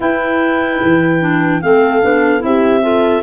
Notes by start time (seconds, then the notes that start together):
0.00 E4 B4 G5
0.82 E3
1.20 D4
1.61 A3 C4 A4 F5
2.02 B3 D4
2.39 C4 E4 G4 E5
2.82 F4 A4